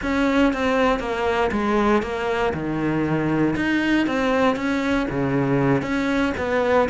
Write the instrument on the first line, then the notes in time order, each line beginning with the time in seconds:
cello
0.02 C#4
0.53 C4
0.99 A#3
1.51 G#3
2.02 A#3
2.53 D#3
3.55 D#4
4.07 C4
4.55 C#4
5.10 C#3
5.82 C#4
6.37 B3